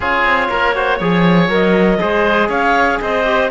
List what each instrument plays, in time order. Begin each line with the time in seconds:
0.00 cello C#4, trombone F4, oboe G#4, clarinet C#5
0.24 cello C4
0.49 cello A#3, oboe A#4
0.75 trombone F#4, oboe C5
0.97 cello F3, trombone G#4, oboe C#5
1.48 cello F#3, trombone A#4, clarinet D#5
1.99 cello G#3, trombone G#4, oboe C5
2.48 cello C#4, oboe C#5, clarinet F5
3.01 cello C4, oboe C5, clarinet D#5
3.25 trombone G4